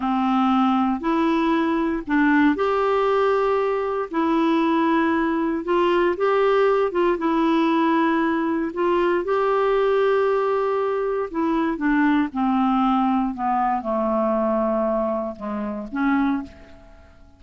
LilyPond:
\new Staff \with { instrumentName = "clarinet" } { \time 4/4 \tempo 4 = 117 c'2 e'2 | d'4 g'2. | e'2. f'4 | g'4. f'8 e'2~ |
e'4 f'4 g'2~ | g'2 e'4 d'4 | c'2 b4 a4~ | a2 gis4 cis'4 | }